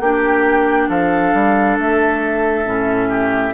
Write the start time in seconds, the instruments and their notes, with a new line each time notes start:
0.00 bassoon A#3, clarinet D4, oboe G4, flute G5
0.89 bassoon F3, oboe A4, flute F5
1.33 bassoon G3
1.79 bassoon A3, flute E5
2.65 bassoon A2, clarinet C#4
3.09 oboe G4